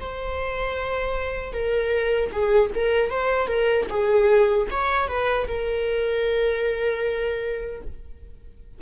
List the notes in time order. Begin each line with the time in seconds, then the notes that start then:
0.00 C5
1.53 A#4
2.32 G#4
2.74 A#4
3.10 C5
3.47 A#4
3.89 G#4
4.70 C#5
5.08 B4
5.47 A#4